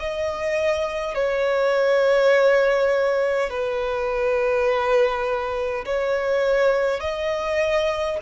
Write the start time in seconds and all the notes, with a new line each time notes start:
0.00 D#5
1.15 C#5
3.50 B4
5.86 C#5
7.01 D#5